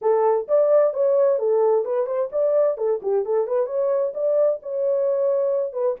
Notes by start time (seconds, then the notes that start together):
0.01 A4
0.47 D5
0.93 C#5
1.38 A4
1.85 B4
2.06 C5
2.32 D5
2.77 A4
3.02 G4
3.25 A4
3.47 B4
3.66 C#5
4.13 D5
4.62 C#5
5.72 B4